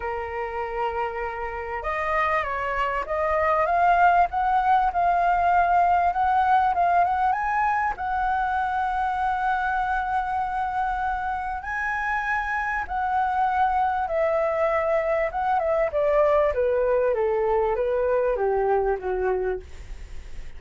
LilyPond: \new Staff \with { instrumentName = "flute" } { \time 4/4 \tempo 4 = 98 ais'2. dis''4 | cis''4 dis''4 f''4 fis''4 | f''2 fis''4 f''8 fis''8 | gis''4 fis''2.~ |
fis''2. gis''4~ | gis''4 fis''2 e''4~ | e''4 fis''8 e''8 d''4 b'4 | a'4 b'4 g'4 fis'4 | }